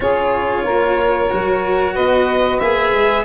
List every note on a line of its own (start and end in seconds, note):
0.00 0.63 C#4
0.00 1.29 F4
0.00 0.64 G#4
0.00 1.95 C#5
0.63 1.29 A#3
0.63 1.93 A#4
1.30 1.97 F#3
1.30 2.60 F#4
1.93 2.61 B3
1.93 3.24 B4
1.93 2.59 D#5
2.59 2.93 A#3
2.59 3.25 G#4
2.59 3.25 E5
2.93 3.25 G#3